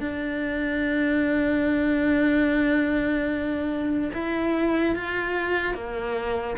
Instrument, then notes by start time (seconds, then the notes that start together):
cello
0.00 D4
4.13 E4
4.95 F4
5.74 A#3